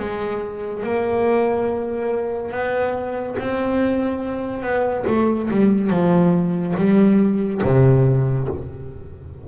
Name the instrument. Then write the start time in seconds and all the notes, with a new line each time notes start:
double bass
0.00 G#3
0.84 A#3
2.52 B3
3.39 C4
4.62 B3
5.07 A3
5.51 G3
5.90 F3
6.78 G3
7.64 C3